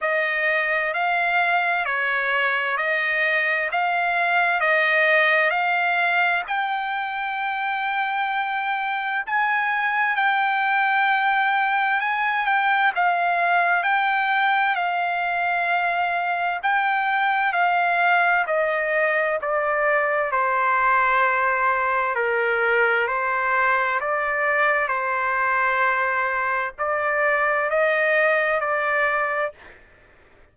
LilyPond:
\new Staff \with { instrumentName = "trumpet" } { \time 4/4 \tempo 4 = 65 dis''4 f''4 cis''4 dis''4 | f''4 dis''4 f''4 g''4~ | g''2 gis''4 g''4~ | g''4 gis''8 g''8 f''4 g''4 |
f''2 g''4 f''4 | dis''4 d''4 c''2 | ais'4 c''4 d''4 c''4~ | c''4 d''4 dis''4 d''4 | }